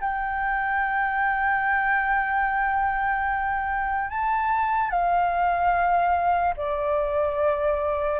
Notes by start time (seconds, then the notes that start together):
0.00 G5
4.09 A5
4.89 F5
6.56 D5